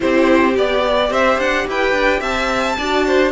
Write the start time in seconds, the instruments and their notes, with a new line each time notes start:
0.00 cello C4, viola E4, violin G4 C5
0.56 cello B3, viola G4, violin D5
1.10 cello C4, violin C5 E5
1.38 cello D4, violin F#5
1.67 cello E4, violin B4 G5
1.92 cello D4
2.20 cello C4, violin E5 A5
2.78 cello D4, viola F#4, violin D5
3.06 violin C5